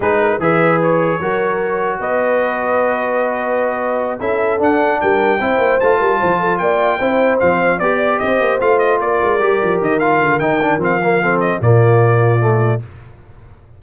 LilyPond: <<
  \new Staff \with { instrumentName = "trumpet" } { \time 4/4 \tempo 4 = 150 b'4 e''4 cis''2~ | cis''4 dis''2.~ | dis''2~ dis''8 e''4 fis''8~ | fis''8 g''2 a''4.~ |
a''8 g''2 f''4 d''8~ | d''8 dis''4 f''8 dis''8 d''4.~ | d''8 dis''8 f''4 g''4 f''4~ | f''8 dis''8 d''2. | }
  \new Staff \with { instrumentName = "horn" } { \time 4/4 gis'8 ais'8 b'2 ais'4~ | ais'4 b'2.~ | b'2~ b'8 a'4.~ | a'8 ais'4 c''4. ais'8 c''8 |
a'8 d''4 c''2 d''8~ | d''8 c''2 ais'4.~ | ais'1 | a'4 f'2. | }
  \new Staff \with { instrumentName = "trombone" } { \time 4/4 dis'4 gis'2 fis'4~ | fis'1~ | fis'2~ fis'8 e'4 d'8~ | d'4. e'4 f'4.~ |
f'4. e'4 c'4 g'8~ | g'4. f'2 g'8~ | g'4 f'4 dis'8 d'8 c'8 ais8 | c'4 ais2 a4 | }
  \new Staff \with { instrumentName = "tuba" } { \time 4/4 gis4 e2 fis4~ | fis4 b2.~ | b2~ b8 cis'4 d'8~ | d'8 g4 c'8 ais8 a8 g8 f8~ |
f8 ais4 c'4 f4 b8~ | b8 c'8 ais8 a4 ais8 gis8 g8 | f8 dis4 d8 dis4 f4~ | f4 ais,2. | }
>>